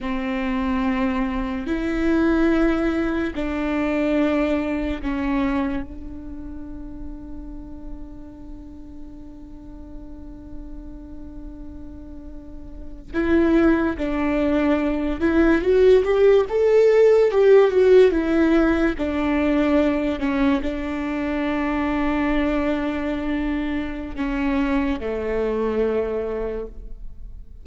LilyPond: \new Staff \with { instrumentName = "viola" } { \time 4/4 \tempo 4 = 72 c'2 e'2 | d'2 cis'4 d'4~ | d'1~ | d'2.~ d'8. e'16~ |
e'8. d'4. e'8 fis'8 g'8 a'16~ | a'8. g'8 fis'8 e'4 d'4~ d'16~ | d'16 cis'8 d'2.~ d'16~ | d'4 cis'4 a2 | }